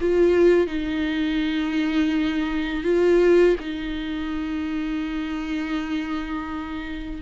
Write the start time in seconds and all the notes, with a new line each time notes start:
0.00 F4
0.67 D#4
2.83 F4
3.59 D#4